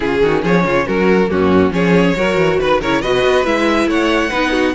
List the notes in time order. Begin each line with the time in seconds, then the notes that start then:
0.00 C#3 C#4 F4 G#4
0.22 D#3 F#4
0.42 F3 G#4 C#5
0.63 C#3 F4
0.86 F#3 F#4 A#4
1.27 F#2 A#3 C#4 F#4
1.70 F3 C#4 G#4 C#5
2.15 F#3 F#4 A#4
2.36 E3
2.59 D#3 B4
2.81 C#3 E4 A#4 C#5
3.01 B2 F#4 B4 D#5
3.24 B3
3.44 G#3 E4 E5
3.86 A3 C#5 F#5
4.29 B3 D#4 B4
4.51 F#4